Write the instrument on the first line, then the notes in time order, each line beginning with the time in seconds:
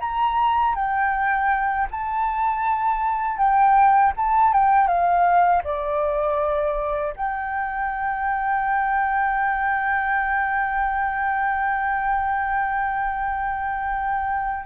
flute
0.00 A#5
0.75 G5
1.91 A5
3.38 G5
4.17 A5
4.53 G5
4.88 F5
5.64 D5
7.16 G5